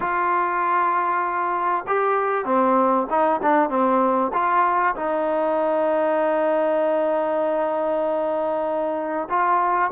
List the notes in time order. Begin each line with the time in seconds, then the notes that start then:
0.00 F4
1.87 G4
2.45 C4
3.09 D#4
3.42 D4
3.69 C4
4.33 F4
4.95 D#4
9.29 F4